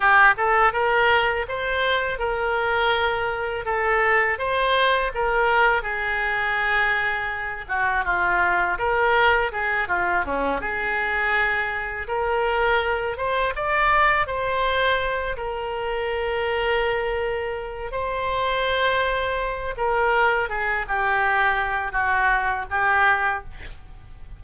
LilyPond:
\new Staff \with { instrumentName = "oboe" } { \time 4/4 \tempo 4 = 82 g'8 a'8 ais'4 c''4 ais'4~ | ais'4 a'4 c''4 ais'4 | gis'2~ gis'8 fis'8 f'4 | ais'4 gis'8 f'8 cis'8 gis'4.~ |
gis'8 ais'4. c''8 d''4 c''8~ | c''4 ais'2.~ | ais'8 c''2~ c''8 ais'4 | gis'8 g'4. fis'4 g'4 | }